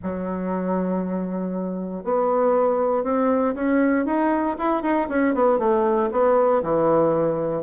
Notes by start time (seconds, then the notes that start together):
0.03 F#3
2.04 B3
3.03 C4
3.54 C#4
4.05 D#4
4.58 E4
4.82 D#4
5.08 C#4
5.34 B3
5.58 A3
6.11 B3
6.62 E3